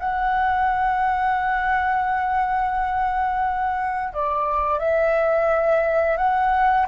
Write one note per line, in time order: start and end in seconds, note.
0.00 4.14 F#5
4.14 4.79 D5
4.79 6.17 E5
6.17 6.86 F#5